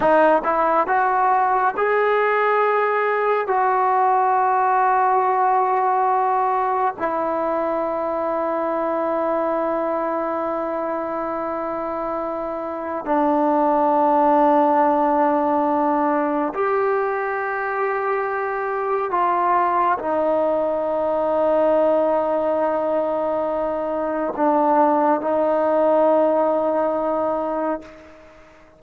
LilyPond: \new Staff \with { instrumentName = "trombone" } { \time 4/4 \tempo 4 = 69 dis'8 e'8 fis'4 gis'2 | fis'1 | e'1~ | e'2. d'4~ |
d'2. g'4~ | g'2 f'4 dis'4~ | dis'1 | d'4 dis'2. | }